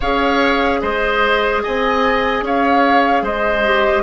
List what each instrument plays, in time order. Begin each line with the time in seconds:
0.00 bassoon C#4, clarinet G#4, oboe C#5, flute F5
0.81 bassoon G#3, oboe C5, flute D#5
1.62 bassoon C4, oboe D#5, flute G#5
2.41 bassoon C#4, oboe C#5, flute F5
3.21 bassoon G#3, oboe C5, flute D#5
3.65 clarinet G4